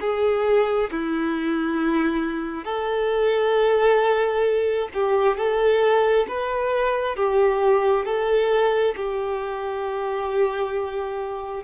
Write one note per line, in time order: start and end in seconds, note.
0.00 0.90 G#4
0.91 2.64 E4
2.64 4.88 A4
4.93 5.37 G4
5.37 6.26 A4
6.28 7.16 B4
7.16 8.05 G4
8.05 8.95 A4
8.96 11.63 G4